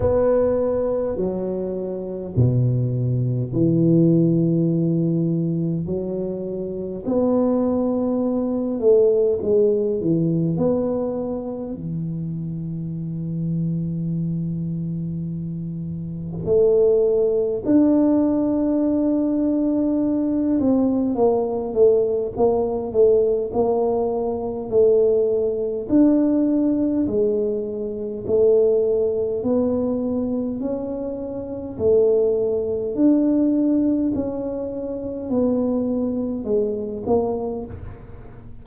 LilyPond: \new Staff \with { instrumentName = "tuba" } { \time 4/4 \tempo 4 = 51 b4 fis4 b,4 e4~ | e4 fis4 b4. a8 | gis8 e8 b4 e2~ | e2 a4 d'4~ |
d'4. c'8 ais8 a8 ais8 a8 | ais4 a4 d'4 gis4 | a4 b4 cis'4 a4 | d'4 cis'4 b4 gis8 ais8 | }